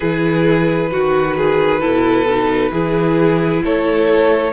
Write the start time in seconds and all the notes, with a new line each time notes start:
0.00 E3 E4 G#4 B4
0.91 D#3 F#4
1.37 G#4
1.80 B2 E4 A4
2.29 D#4
2.70 E3 E4 G#4
3.63 A3 A4 C#5